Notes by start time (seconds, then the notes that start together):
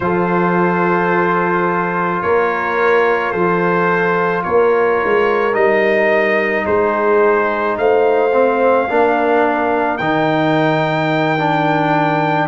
0.00 F3 F4 A4 C5
2.22 A#3 A#4 C#5
3.31 F3 A4 C5
4.43 A#3 A#4 C#5
5.04 G#3
5.53 G3 D#4 D#5
6.65 G#3 G#4 C5
7.77 A3 C5 F5
8.32 C4
8.88 A#3 D4 A#4
9.97 D#3 D#4 G5
11.38 D4